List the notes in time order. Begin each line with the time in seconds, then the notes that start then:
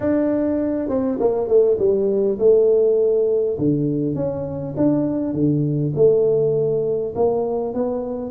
0.00 D4
0.89 C4
1.19 A#3
1.48 A3
1.78 G3
2.38 A3
3.58 D3
4.14 C#4
4.76 D4
5.33 D3
5.95 A3
7.15 A#3
7.74 B3